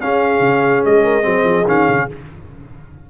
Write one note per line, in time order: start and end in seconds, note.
0.00 0.39 C#4
0.00 1.22 C#4
0.00 1.03 G#4
0.00 0.83 F5
0.39 0.81 C#3
0.85 1.25 G#3
0.85 1.68 D#5
1.03 1.24 A#4
1.22 1.44 F#3
1.22 1.63 C4
1.22 2.07 G#4
1.44 1.64 F3
1.67 1.88 D#3
1.67 2.09 C#4
1.67 2.10 F5
1.89 2.10 C#3